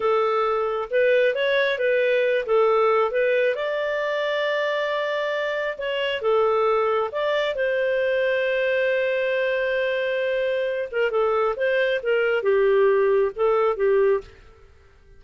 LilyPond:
\new Staff \with { instrumentName = "clarinet" } { \time 4/4 \tempo 4 = 135 a'2 b'4 cis''4 | b'4. a'4. b'4 | d''1~ | d''4 cis''4 a'2 |
d''4 c''2.~ | c''1~ | c''8 ais'8 a'4 c''4 ais'4 | g'2 a'4 g'4 | }